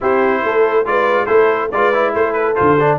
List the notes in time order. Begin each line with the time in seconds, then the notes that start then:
0.00 C4 E4 G4 C5
0.43 A3 A4
0.85 G#3 F4 B4 D5
1.26 A3 E4 A4 C5
1.71 G#3 F4 B4 D5
1.93 E4
2.13 A3 A4 C5
2.32 B4
2.55 D3 F4 C5
2.79 D4